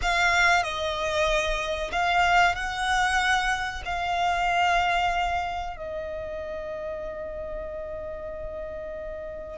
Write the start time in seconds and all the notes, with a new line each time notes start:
0.02 F5
0.63 D#5
1.91 F5
2.55 F#5
3.85 F5
5.76 D#5